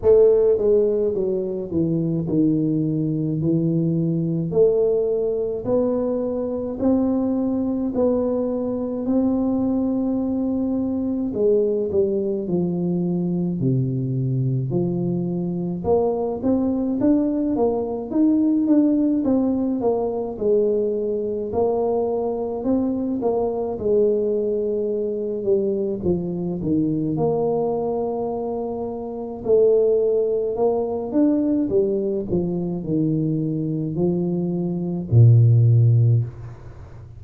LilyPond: \new Staff \with { instrumentName = "tuba" } { \time 4/4 \tempo 4 = 53 a8 gis8 fis8 e8 dis4 e4 | a4 b4 c'4 b4 | c'2 gis8 g8 f4 | c4 f4 ais8 c'8 d'8 ais8 |
dis'8 d'8 c'8 ais8 gis4 ais4 | c'8 ais8 gis4. g8 f8 dis8 | ais2 a4 ais8 d'8 | g8 f8 dis4 f4 ais,4 | }